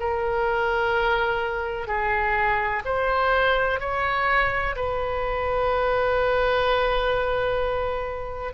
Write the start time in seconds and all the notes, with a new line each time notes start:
0.00 A#4
1.88 G#4
2.85 C5
3.81 C#5
4.76 B4